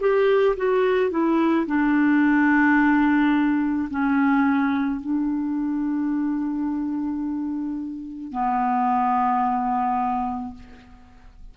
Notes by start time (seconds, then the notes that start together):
0.00 G4
0.56 F#4
1.10 E4
1.66 D4
3.90 C#4
5.00 D4
8.31 B3